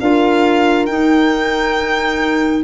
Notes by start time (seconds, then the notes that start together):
0.00 D4 F4 A#4 F5
0.86 D#4 G5